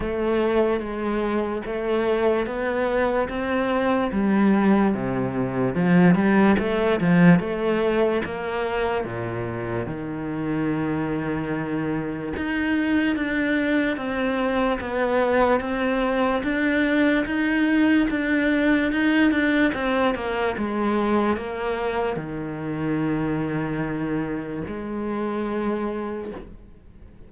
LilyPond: \new Staff \with { instrumentName = "cello" } { \time 4/4 \tempo 4 = 73 a4 gis4 a4 b4 | c'4 g4 c4 f8 g8 | a8 f8 a4 ais4 ais,4 | dis2. dis'4 |
d'4 c'4 b4 c'4 | d'4 dis'4 d'4 dis'8 d'8 | c'8 ais8 gis4 ais4 dis4~ | dis2 gis2 | }